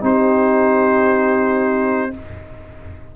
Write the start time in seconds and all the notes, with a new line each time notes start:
0.00 C4 D#4 G4 C5